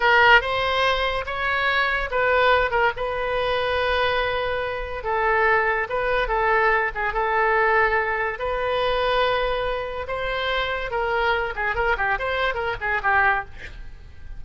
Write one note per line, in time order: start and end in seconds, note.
0.00 0.41 A#4
0.41 1.25 C5
1.25 2.09 C#5
2.11 2.70 B4
2.70 2.91 A#4
2.96 5.03 B4
5.03 5.87 A4
5.89 6.28 B4
6.28 6.91 A4
6.94 7.13 G#4
7.13 8.39 A4
8.39 10.06 B4
10.07 10.90 C5
10.90 11.53 A#4
11.55 11.75 G#4
11.75 11.96 A#4
11.97 12.18 G4
12.18 12.54 C5
12.54 12.75 A#4
12.80 13.01 G#4
13.02 13.44 G4